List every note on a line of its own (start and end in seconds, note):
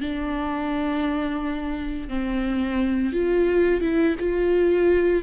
0.00 2.08 D4
2.08 3.13 C4
3.13 3.81 F4
3.81 4.16 E4
4.19 5.23 F4